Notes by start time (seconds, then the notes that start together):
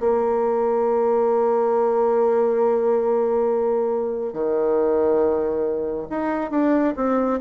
0.00 A#3
4.33 D#3
6.10 D#4
6.51 D4
6.96 C4